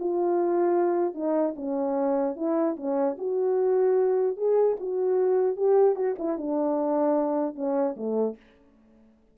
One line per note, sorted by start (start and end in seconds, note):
0.00 1.15 F4
1.15 1.55 D#4
1.56 2.36 C#4
2.37 2.77 E4
2.77 3.17 C#4
3.19 4.37 F#4
4.37 4.77 G#4
4.81 5.57 F#4
5.57 5.96 G4
5.96 6.16 F#4
6.19 6.38 E4
6.38 7.56 D4
7.56 7.96 C#4
7.97 8.37 A3